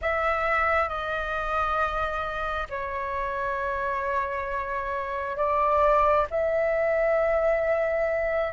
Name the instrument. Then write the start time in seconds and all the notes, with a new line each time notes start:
flute
0.01 E5
0.88 D#5
2.69 C#5
5.36 D5
6.30 E5